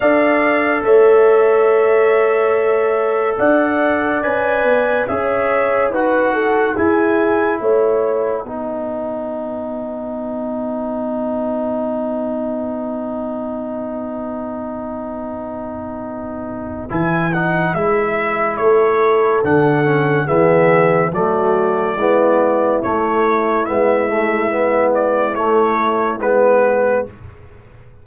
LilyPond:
<<
  \new Staff \with { instrumentName = "trumpet" } { \time 4/4 \tempo 4 = 71 f''4 e''2. | fis''4 gis''4 e''4 fis''4 | gis''4 fis''2.~ | fis''1~ |
fis''1 | gis''8 fis''8 e''4 cis''4 fis''4 | e''4 d''2 cis''4 | e''4. d''8 cis''4 b'4 | }
  \new Staff \with { instrumentName = "horn" } { \time 4/4 d''4 cis''2. | d''2 cis''4 b'8 a'8 | gis'4 cis''4 b'2~ | b'1~ |
b'1~ | b'2 a'2 | gis'4 fis'4 e'2~ | e'1 | }
  \new Staff \with { instrumentName = "trombone" } { \time 4/4 a'1~ | a'4 b'4 gis'4 fis'4 | e'2 dis'2~ | dis'1~ |
dis'1 | e'8 dis'8 e'2 d'8 cis'8 | b4 a4 b4 a4 | b8 a8 b4 a4 b4 | }
  \new Staff \with { instrumentName = "tuba" } { \time 4/4 d'4 a2. | d'4 cis'8 b8 cis'4 dis'4 | e'4 a4 b2~ | b1~ |
b1 | e4 gis4 a4 d4 | e4 fis4 gis4 a4 | gis2 a4 gis4 | }
>>